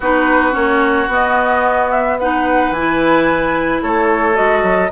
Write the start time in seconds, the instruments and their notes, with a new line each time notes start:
0.00 bassoon B3, clarinet D#4, oboe F#4, flute B4
0.52 bassoon A#3, clarinet C#4, flute C#5
1.07 bassoon B3, clarinet B3
1.13 flute D#5
1.90 flute E5
2.18 clarinet D#4, oboe B4, flute F#5
2.70 bassoon E3, flute G#5
2.77 clarinet E4
3.82 bassoon A3, oboe A4, flute C#5
4.34 bassoon G#3, clarinet F#4, flute D#5
4.62 bassoon F#3